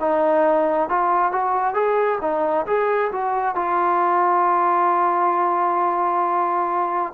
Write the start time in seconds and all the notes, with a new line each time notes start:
0.00 D#4
0.89 F4
1.32 F#4
1.74 G#4
2.21 D#4
2.66 G#4
3.12 F#4
3.55 F4